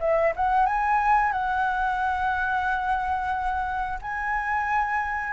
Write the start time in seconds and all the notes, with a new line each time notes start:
0.00 E5
0.36 F#5
0.66 G#5
1.32 F#5
4.02 G#5